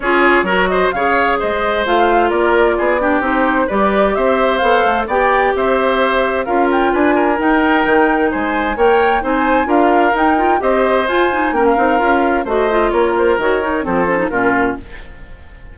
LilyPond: <<
  \new Staff \with { instrumentName = "flute" } { \time 4/4 \tempo 4 = 130 cis''4. dis''8 f''4 dis''4 | f''4 d''2 c''4 | d''4 e''4 f''4 g''4 | e''2 f''8 g''8 gis''4 |
g''2 gis''4 g''4 | gis''4 f''4 g''4 dis''4 | gis''4 g''16 f''4.~ f''16 dis''4 | cis''8 c''8 cis''4 c''4 ais'4 | }
  \new Staff \with { instrumentName = "oboe" } { \time 4/4 gis'4 ais'8 c''8 cis''4 c''4~ | c''4 ais'4 gis'8 g'4. | b'4 c''2 d''4 | c''2 ais'4 b'8 ais'8~ |
ais'2 c''4 cis''4 | c''4 ais'2 c''4~ | c''4 ais'2 c''4 | ais'2 a'4 f'4 | }
  \new Staff \with { instrumentName = "clarinet" } { \time 4/4 f'4 fis'4 gis'2 | f'2~ f'8 d'8 dis'4 | g'2 a'4 g'4~ | g'2 f'2 |
dis'2. ais'4 | dis'4 f'4 dis'8 f'8 g'4 | f'8 dis'8 cis'8 dis'8 f'4 fis'8 f'8~ | f'4 fis'8 dis'8 c'8 cis'16 dis'16 cis'4 | }
  \new Staff \with { instrumentName = "bassoon" } { \time 4/4 cis'4 fis4 cis4 gis4 | a4 ais4 b4 c'4 | g4 c'4 b8 a8 b4 | c'2 cis'4 d'4 |
dis'4 dis4 gis4 ais4 | c'4 d'4 dis'4 c'4 | f'4 ais8 c'8 cis'4 a4 | ais4 dis4 f4 ais,4 | }
>>